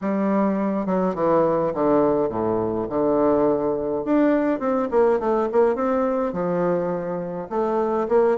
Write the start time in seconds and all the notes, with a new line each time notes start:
0.01 G3
0.85 F#3
1.15 E3
1.74 D3
2.29 A2
2.89 D3
4.04 D4
4.59 C4
4.90 A#3
5.19 A3
5.51 A#3
5.75 C4
6.32 F3
7.49 A3
8.08 A#3